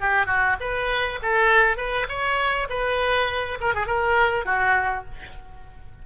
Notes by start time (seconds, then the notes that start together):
0.00 G4
0.26 F#4
0.60 B4
1.22 A4
1.77 B4
2.08 C#5
2.69 B4
3.60 A#4
3.74 G#4
3.86 A#4
4.45 F#4